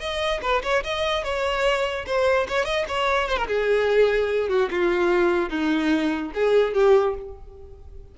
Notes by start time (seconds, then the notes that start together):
0.00 D#5
0.42 B4
0.63 C#5
0.84 D#5
1.24 C#5
2.06 C5
2.48 C#5
2.65 D#5
2.89 C#5
3.29 C5
3.37 A#4
3.47 G#4
4.49 F#4
4.71 F4
5.50 D#4
6.34 G#4
6.74 G4